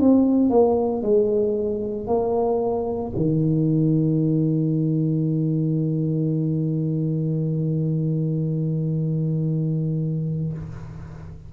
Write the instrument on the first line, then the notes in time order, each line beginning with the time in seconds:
tuba
0.00 C4
0.50 A#3
1.02 G#3
2.07 A#3
3.17 D#3